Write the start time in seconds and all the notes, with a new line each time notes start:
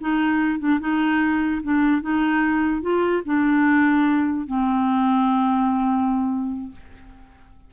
0.00 D#4
0.59 D4
0.79 D#4
1.63 D4
2.01 D#4
2.81 F4
3.25 D4
4.47 C4